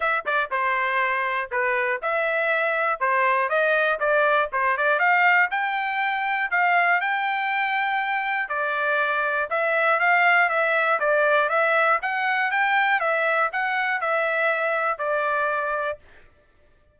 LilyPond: \new Staff \with { instrumentName = "trumpet" } { \time 4/4 \tempo 4 = 120 e''8 d''8 c''2 b'4 | e''2 c''4 dis''4 | d''4 c''8 d''8 f''4 g''4~ | g''4 f''4 g''2~ |
g''4 d''2 e''4 | f''4 e''4 d''4 e''4 | fis''4 g''4 e''4 fis''4 | e''2 d''2 | }